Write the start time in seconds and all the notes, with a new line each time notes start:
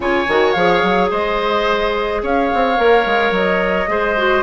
0.00 C#3 F4 C#5 G#5
0.28 D#3 F#4
0.52 F3 G#4 F5
0.82 F#3
1.10 G#3 C5 D#5
2.22 C#4 C#5 F5
2.54 C4
2.77 A#3 A#4
3.05 G#3
3.31 F#3 D#5
3.87 G#3 G#4 C5
4.16 F#4